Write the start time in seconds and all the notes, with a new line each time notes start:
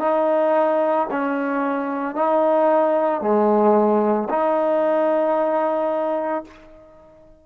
0.00 D#4
1.11 C#4
2.15 D#4
3.21 G#3
4.30 D#4